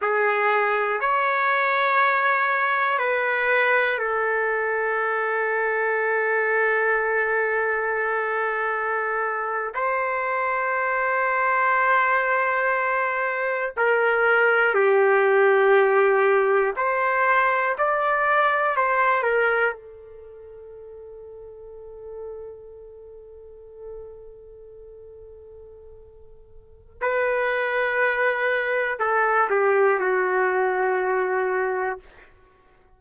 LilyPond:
\new Staff \with { instrumentName = "trumpet" } { \time 4/4 \tempo 4 = 60 gis'4 cis''2 b'4 | a'1~ | a'4.~ a'16 c''2~ c''16~ | c''4.~ c''16 ais'4 g'4~ g'16~ |
g'8. c''4 d''4 c''8 ais'8 a'16~ | a'1~ | a'2. b'4~ | b'4 a'8 g'8 fis'2 | }